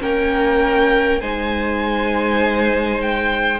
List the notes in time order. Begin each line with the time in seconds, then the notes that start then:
0.00 A#3 C#4 A#4 G5
1.21 G#3 D#4 C5 G#5
3.02 G5